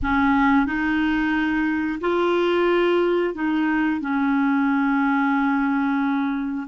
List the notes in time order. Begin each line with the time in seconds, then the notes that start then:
0.02 C#4
0.66 D#4
2.01 F4
3.34 D#4
4.01 C#4